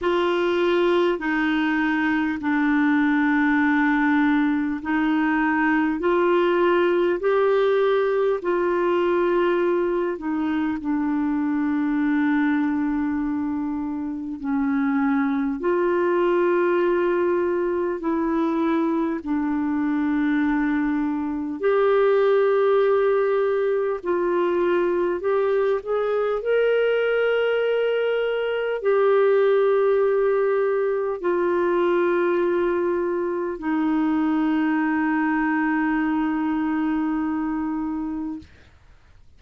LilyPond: \new Staff \with { instrumentName = "clarinet" } { \time 4/4 \tempo 4 = 50 f'4 dis'4 d'2 | dis'4 f'4 g'4 f'4~ | f'8 dis'8 d'2. | cis'4 f'2 e'4 |
d'2 g'2 | f'4 g'8 gis'8 ais'2 | g'2 f'2 | dis'1 | }